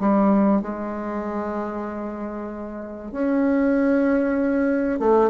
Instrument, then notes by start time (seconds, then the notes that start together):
bassoon
0.00 G3
0.62 G#3
3.12 C#4
4.99 A3